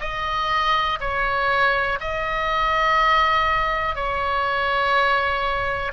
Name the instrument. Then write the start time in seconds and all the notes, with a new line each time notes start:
oboe
0.00 D#5
1.00 C#5
2.00 D#5
3.95 C#5